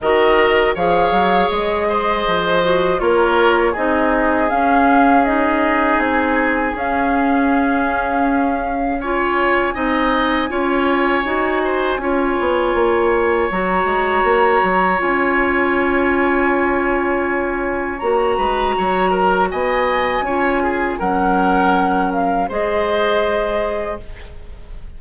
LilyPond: <<
  \new Staff \with { instrumentName = "flute" } { \time 4/4 \tempo 4 = 80 dis''4 f''4 dis''2 | cis''4 dis''4 f''4 dis''4 | gis''4 f''2. | gis''1~ |
gis''2 ais''2 | gis''1 | ais''2 gis''2 | fis''4. f''8 dis''2 | }
  \new Staff \with { instrumentName = "oboe" } { \time 4/4 ais'4 cis''4. c''4. | ais'4 gis'2.~ | gis'1 | cis''4 dis''4 cis''4. c''8 |
cis''1~ | cis''1~ | cis''8 b'8 cis''8 ais'8 dis''4 cis''8 gis'8 | ais'2 c''2 | }
  \new Staff \with { instrumentName = "clarinet" } { \time 4/4 fis'4 gis'2~ gis'8 fis'8 | f'4 dis'4 cis'4 dis'4~ | dis'4 cis'2. | f'4 dis'4 f'4 fis'4 |
f'2 fis'2 | f'1 | fis'2. f'4 | cis'2 gis'2 | }
  \new Staff \with { instrumentName = "bassoon" } { \time 4/4 dis4 f8 fis8 gis4 f4 | ais4 c'4 cis'2 | c'4 cis'2.~ | cis'4 c'4 cis'4 dis'4 |
cis'8 b8 ais4 fis8 gis8 ais8 fis8 | cis'1 | ais8 gis8 fis4 b4 cis'4 | fis2 gis2 | }
>>